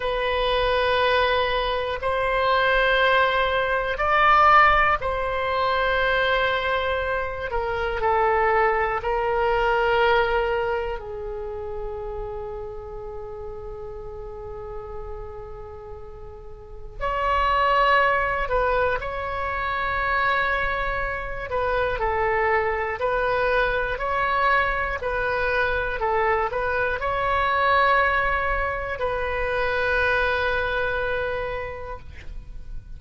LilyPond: \new Staff \with { instrumentName = "oboe" } { \time 4/4 \tempo 4 = 60 b'2 c''2 | d''4 c''2~ c''8 ais'8 | a'4 ais'2 gis'4~ | gis'1~ |
gis'4 cis''4. b'8 cis''4~ | cis''4. b'8 a'4 b'4 | cis''4 b'4 a'8 b'8 cis''4~ | cis''4 b'2. | }